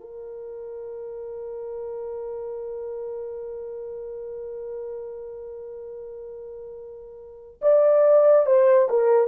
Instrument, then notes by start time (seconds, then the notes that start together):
horn
0.00 A#4
7.61 D5
8.46 C5
8.89 A#4